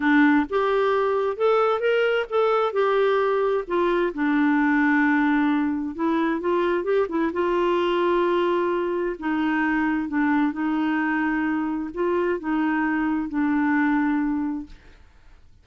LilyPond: \new Staff \with { instrumentName = "clarinet" } { \time 4/4 \tempo 4 = 131 d'4 g'2 a'4 | ais'4 a'4 g'2 | f'4 d'2.~ | d'4 e'4 f'4 g'8 e'8 |
f'1 | dis'2 d'4 dis'4~ | dis'2 f'4 dis'4~ | dis'4 d'2. | }